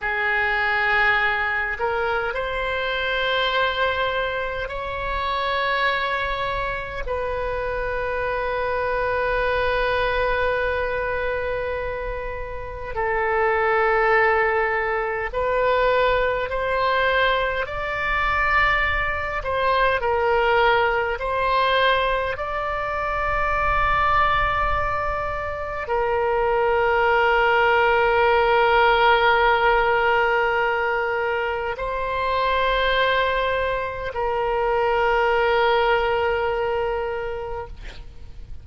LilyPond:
\new Staff \with { instrumentName = "oboe" } { \time 4/4 \tempo 4 = 51 gis'4. ais'8 c''2 | cis''2 b'2~ | b'2. a'4~ | a'4 b'4 c''4 d''4~ |
d''8 c''8 ais'4 c''4 d''4~ | d''2 ais'2~ | ais'2. c''4~ | c''4 ais'2. | }